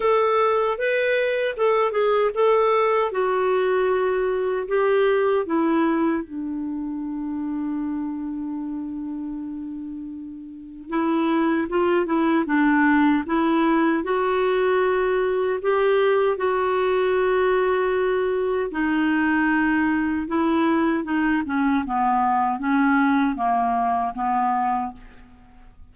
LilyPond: \new Staff \with { instrumentName = "clarinet" } { \time 4/4 \tempo 4 = 77 a'4 b'4 a'8 gis'8 a'4 | fis'2 g'4 e'4 | d'1~ | d'2 e'4 f'8 e'8 |
d'4 e'4 fis'2 | g'4 fis'2. | dis'2 e'4 dis'8 cis'8 | b4 cis'4 ais4 b4 | }